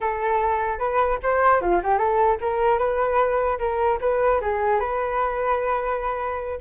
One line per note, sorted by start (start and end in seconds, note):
0.00 0.78 A4
0.78 1.18 B4
1.22 1.61 C5
1.61 1.81 F4
1.83 1.98 G4
1.98 2.38 A4
2.41 2.78 A#4
2.78 3.58 B4
3.58 3.98 A#4
4.01 4.41 B4
4.41 4.79 G#4
4.79 6.59 B4